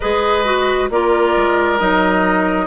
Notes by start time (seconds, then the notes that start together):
0.00 G#3 G#4 B4 D#5
0.44 F#4
0.90 A#3 F4 A#4 D5
1.36 G#3
1.78 F#3 D#4 D#5